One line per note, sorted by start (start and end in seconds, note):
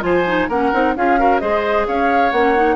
0.00 0.49 F3
0.00 0.23 F4
0.00 0.49 C5
0.00 0.49 G#5
0.27 0.50 D#4
0.49 0.72 A#3
0.49 0.73 C#4
0.49 0.95 A#4
0.49 0.96 F#5
0.73 0.97 C4
0.73 0.96 D#4
0.97 1.42 C#4
0.97 1.18 F4
0.97 1.20 G#4
0.97 1.40 F5
1.18 1.40 F#4
1.18 1.41 A#4
1.40 1.88 G#3
1.40 2.32 G#4
1.40 1.87 C5
1.40 1.85 D#5
1.88 2.32 C#4
1.88 2.76 C#5
1.88 2.32 F5
2.32 2.76 A#3
2.32 2.56 C#4
2.32 2.76 F#5
2.56 2.76 D#4